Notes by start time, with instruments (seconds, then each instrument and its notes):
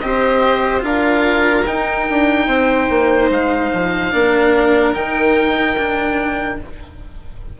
0.00 bassoon C4, cello G4, violin C5, oboe D#5
0.80 bassoon D4, cello F4, violin A#4, oboe F5
1.66 bassoon D#4, cello D#4, oboe G5
2.10 bassoon D4
2.47 bassoon C4, violin C5
2.90 bassoon A#3
3.30 bassoon G#3, oboe F5
3.73 bassoon F3
4.12 bassoon A#3, cello D4, violin A#4
4.94 bassoon D#3, cello D#4, oboe G5
5.78 cello D4